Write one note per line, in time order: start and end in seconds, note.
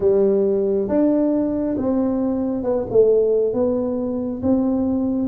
0.00 0.88 G3
0.88 1.76 D4
1.77 2.63 C4
2.63 2.85 B3
2.90 3.53 A3
3.53 4.41 B3
4.42 5.28 C4